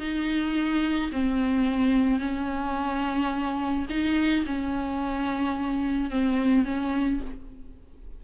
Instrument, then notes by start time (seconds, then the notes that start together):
viola
0.00 D#4
1.12 C4
2.20 C#4
3.90 D#4
4.46 C#4
6.11 C4
6.65 C#4